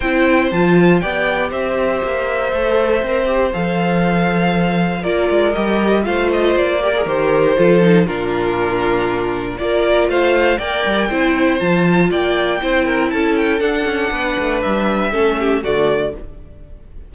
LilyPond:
<<
  \new Staff \with { instrumentName = "violin" } { \time 4/4 \tempo 4 = 119 g''4 a''4 g''4 e''4~ | e''2. f''4~ | f''2 d''4 dis''4 | f''8 dis''8 d''4 c''2 |
ais'2. d''4 | f''4 g''2 a''4 | g''2 a''8 g''8 fis''4~ | fis''4 e''2 d''4 | }
  \new Staff \with { instrumentName = "violin" } { \time 4/4 c''2 d''4 c''4~ | c''1~ | c''2 ais'2 | c''4. ais'4. a'4 |
f'2. ais'4 | c''4 d''4 c''2 | d''4 c''8 ais'8 a'2 | b'2 a'8 g'8 fis'4 | }
  \new Staff \with { instrumentName = "viola" } { \time 4/4 e'4 f'4 g'2~ | g'4 a'4 ais'8 g'8 a'4~ | a'2 f'4 g'4 | f'4. g'16 gis'16 g'4 f'8 dis'8 |
d'2. f'4~ | f'4 ais'4 e'4 f'4~ | f'4 e'2 d'4~ | d'2 cis'4 a4 | }
  \new Staff \with { instrumentName = "cello" } { \time 4/4 c'4 f4 b4 c'4 | ais4 a4 c'4 f4~ | f2 ais8 gis8 g4 | a4 ais4 dis4 f4 |
ais,2. ais4 | a4 ais8 g8 c'4 f4 | ais4 c'4 cis'4 d'8 cis'8 | b8 a8 g4 a4 d4 | }
>>